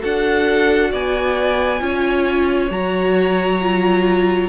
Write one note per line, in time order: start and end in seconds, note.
0.00 0.93 D4
0.00 1.79 F#4
0.00 0.91 A4
0.00 0.92 F#5
0.91 1.81 B3
0.91 1.81 D5
0.91 2.71 G#5
1.79 2.70 C#4
1.79 2.69 F4
1.79 4.49 C#5
2.70 4.49 F#3
2.70 3.60 F#4
2.70 4.49 A#5
3.61 4.49 F4